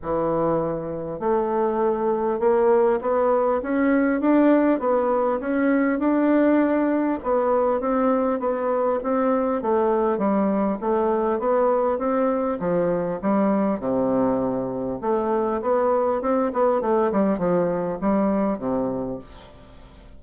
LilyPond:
\new Staff \with { instrumentName = "bassoon" } { \time 4/4 \tempo 4 = 100 e2 a2 | ais4 b4 cis'4 d'4 | b4 cis'4 d'2 | b4 c'4 b4 c'4 |
a4 g4 a4 b4 | c'4 f4 g4 c4~ | c4 a4 b4 c'8 b8 | a8 g8 f4 g4 c4 | }